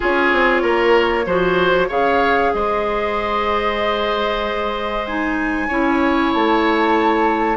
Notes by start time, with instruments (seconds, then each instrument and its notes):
0.00 bassoon C#4, clarinet F4, oboe G#4, flute C#5
0.32 bassoon C4
0.62 bassoon A#3, oboe A#4
1.26 bassoon F3, clarinet F#4, oboe C5
1.88 bassoon C#3, clarinet G#4, oboe C#5, flute F5
2.53 bassoon G#3, oboe C5, flute D#5
5.06 clarinet D#4, flute G#5
5.67 bassoon C#4, clarinet E4, oboe C#5
6.33 bassoon A3, flute A5